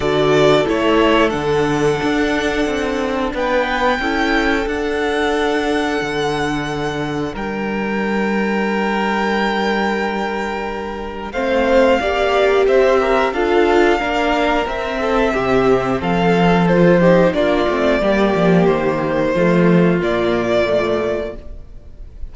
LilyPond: <<
  \new Staff \with { instrumentName = "violin" } { \time 4/4 \tempo 4 = 90 d''4 cis''4 fis''2~ | fis''4 g''2 fis''4~ | fis''2. g''4~ | g''1~ |
g''4 f''2 e''4 | f''2 e''2 | f''4 c''4 d''2 | c''2 d''2 | }
  \new Staff \with { instrumentName = "violin" } { \time 4/4 a'1~ | a'4 b'4 a'2~ | a'2. ais'4~ | ais'1~ |
ais'4 c''4 d''4 c''8 ais'8 | a'4 ais'4. a'8 g'4 | a'4. g'8 f'4 g'4~ | g'4 f'2. | }
  \new Staff \with { instrumentName = "viola" } { \time 4/4 fis'4 e'4 d'2~ | d'2 e'4 d'4~ | d'1~ | d'1~ |
d'4 c'4 g'2 | f'4 d'4 c'2~ | c'4 f'8 dis'8 d'8 c'8 ais4~ | ais4 a4 ais4 a4 | }
  \new Staff \with { instrumentName = "cello" } { \time 4/4 d4 a4 d4 d'4 | c'4 b4 cis'4 d'4~ | d'4 d2 g4~ | g1~ |
g4 a4 ais4 c'4 | d'4 ais4 c'4 c4 | f2 ais8 a8 g8 f8 | dis4 f4 ais,2 | }
>>